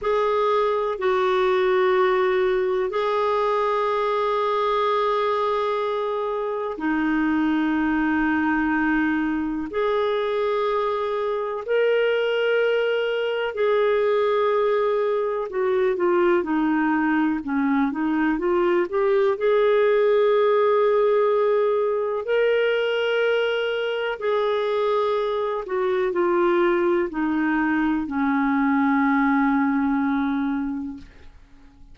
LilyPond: \new Staff \with { instrumentName = "clarinet" } { \time 4/4 \tempo 4 = 62 gis'4 fis'2 gis'4~ | gis'2. dis'4~ | dis'2 gis'2 | ais'2 gis'2 |
fis'8 f'8 dis'4 cis'8 dis'8 f'8 g'8 | gis'2. ais'4~ | ais'4 gis'4. fis'8 f'4 | dis'4 cis'2. | }